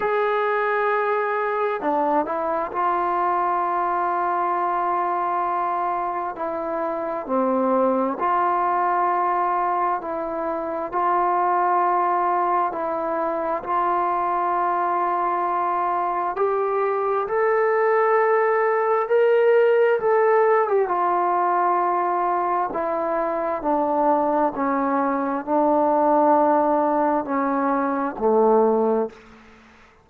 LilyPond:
\new Staff \with { instrumentName = "trombone" } { \time 4/4 \tempo 4 = 66 gis'2 d'8 e'8 f'4~ | f'2. e'4 | c'4 f'2 e'4 | f'2 e'4 f'4~ |
f'2 g'4 a'4~ | a'4 ais'4 a'8. g'16 f'4~ | f'4 e'4 d'4 cis'4 | d'2 cis'4 a4 | }